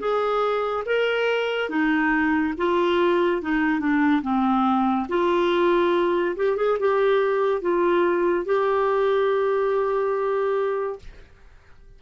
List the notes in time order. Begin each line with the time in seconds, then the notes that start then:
0.00 G#4
0.86 A#4
1.70 D#4
2.58 F4
3.42 D#4
3.80 D4
4.23 C4
5.09 F4
6.36 G4
6.57 G#4
6.80 G4
7.62 F4
8.46 G4